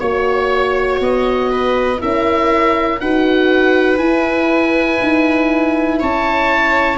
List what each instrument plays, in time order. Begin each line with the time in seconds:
0.00 tuba A#3, horn F#4, oboe C#5, viola C#5
1.00 tuba B3, oboe D#5
1.51 viola B4
1.99 tuba C#4, horn E4, viola A#4, oboe E5
3.01 tuba D#4, horn F#4, viola B4, oboe F#5
3.98 tuba E4, horn E4, oboe G#5
5.02 tuba D#4
6.00 tuba C#4, viola C#5, oboe A5